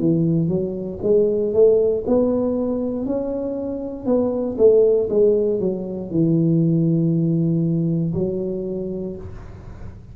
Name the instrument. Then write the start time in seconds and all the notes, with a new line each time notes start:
tuba
0.00 E3
0.49 F#3
1.03 G#3
1.54 A3
2.08 B3
3.06 C#4
4.06 B3
4.59 A3
5.10 G#3
5.60 F#3
6.11 E3
8.15 F#3